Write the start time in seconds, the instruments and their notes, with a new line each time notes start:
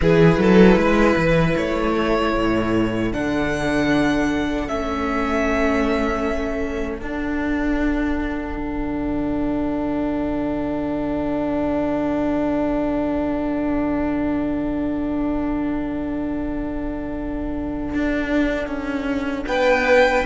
0.00 cello E3, viola E4, violin G#4 B4
0.37 cello F#3, violin A4
0.76 cello G#3, violin B4
1.16 cello E3
1.56 cello A3, violin C#5
1.94 violin A4
2.35 cello A2
3.11 cello D3, viola D4, violin F#5
4.67 cello A3, viola C#4, violin E5
6.97 cello D4, viola D4, violin F#5
8.56 cello D3
17.94 cello D4
18.66 cello C#4
19.46 cello B3, violin B4 G5